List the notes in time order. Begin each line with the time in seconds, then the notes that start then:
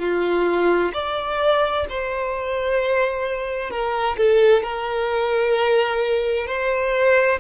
0.00 F4
0.94 D5
1.90 C5
3.71 A#4
4.18 A4
4.63 A#4
6.47 C5